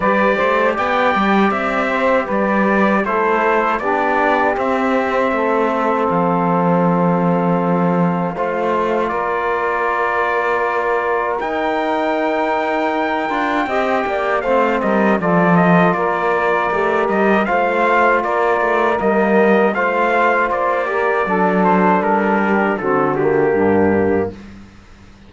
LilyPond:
<<
  \new Staff \with { instrumentName = "trumpet" } { \time 4/4 \tempo 4 = 79 d''4 g''4 e''4 d''4 | c''4 d''4 e''2 | f''1 | d''2. g''4~ |
g''2. f''8 dis''8 | d''8 dis''8 d''4. dis''8 f''4 | d''4 dis''4 f''4 d''4~ | d''8 c''8 ais'4 a'8 g'4. | }
  \new Staff \with { instrumentName = "saxophone" } { \time 4/4 b'8 c''8 d''4. c''8 b'4 | a'4 g'2 a'4~ | a'2. c''4 | ais'1~ |
ais'2 dis''8 d''8 c''8 ais'8 | a'4 ais'2 c''4 | ais'2 c''4. ais'8 | a'4. g'8 fis'4 d'4 | }
  \new Staff \with { instrumentName = "trombone" } { \time 4/4 g'1 | e'4 d'4 c'2~ | c'2. f'4~ | f'2. dis'4~ |
dis'4. f'8 g'4 c'4 | f'2 g'4 f'4~ | f'4 ais4 f'4. g'8 | d'2 c'8 ais4. | }
  \new Staff \with { instrumentName = "cello" } { \time 4/4 g8 a8 b8 g8 c'4 g4 | a4 b4 c'4 a4 | f2. a4 | ais2. dis'4~ |
dis'4. d'8 c'8 ais8 a8 g8 | f4 ais4 a8 g8 a4 | ais8 a8 g4 a4 ais4 | fis4 g4 d4 g,4 | }
>>